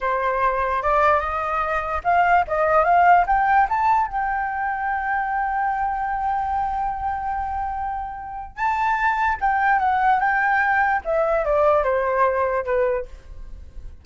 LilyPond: \new Staff \with { instrumentName = "flute" } { \time 4/4 \tempo 4 = 147 c''2 d''4 dis''4~ | dis''4 f''4 dis''4 f''4 | g''4 a''4 g''2~ | g''1~ |
g''1~ | g''4 a''2 g''4 | fis''4 g''2 e''4 | d''4 c''2 b'4 | }